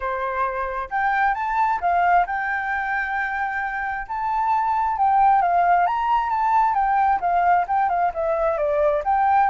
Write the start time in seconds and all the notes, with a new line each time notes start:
0.00 C5
0.90 G5
1.34 A5
1.80 F5
2.26 G5
4.08 A5
4.97 G5
5.41 F5
5.86 A#5
6.29 A5
6.74 G5
7.20 F5
7.67 G5
7.89 F5
8.13 E5
8.57 D5
9.04 G5